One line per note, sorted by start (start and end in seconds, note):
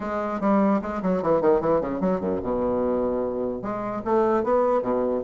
0.00 0.40 G#3
0.40 0.80 G3
0.81 1.01 G#3
1.02 1.22 F#3
1.22 1.41 E3
1.41 1.60 D#3
1.60 1.80 E3
1.80 2.00 C#3
2.00 2.20 F#3
2.20 2.40 F#2
2.42 3.61 B2
3.61 4.02 G#3
4.04 4.43 A3
4.43 4.82 B3
4.82 5.22 B2